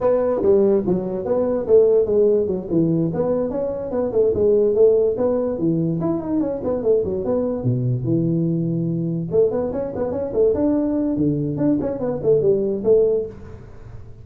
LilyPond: \new Staff \with { instrumentName = "tuba" } { \time 4/4 \tempo 4 = 145 b4 g4 fis4 b4 | a4 gis4 fis8 e4 b8~ | b8 cis'4 b8 a8 gis4 a8~ | a8 b4 e4 e'8 dis'8 cis'8 |
b8 a8 fis8 b4 b,4 e8~ | e2~ e8 a8 b8 cis'8 | b8 cis'8 a8 d'4. d4 | d'8 cis'8 b8 a8 g4 a4 | }